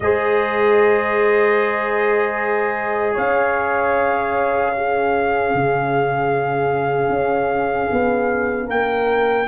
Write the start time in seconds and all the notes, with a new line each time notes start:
0.00 G#3 G#4 C5 D#5
3.13 C#4 C#5 F5
4.75 C#4 G#4
5.54 C#3
7.08 C#4
7.90 B3
8.66 A#3 A#4 G5